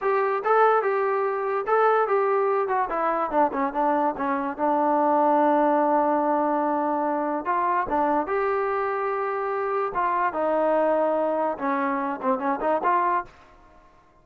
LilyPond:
\new Staff \with { instrumentName = "trombone" } { \time 4/4 \tempo 4 = 145 g'4 a'4 g'2 | a'4 g'4. fis'8 e'4 | d'8 cis'8 d'4 cis'4 d'4~ | d'1~ |
d'2 f'4 d'4 | g'1 | f'4 dis'2. | cis'4. c'8 cis'8 dis'8 f'4 | }